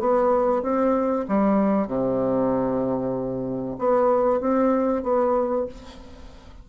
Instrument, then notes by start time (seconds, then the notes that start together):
bassoon
0.00 B3
0.63 C4
1.28 G3
1.88 C3
3.79 B3
4.41 C4
5.03 B3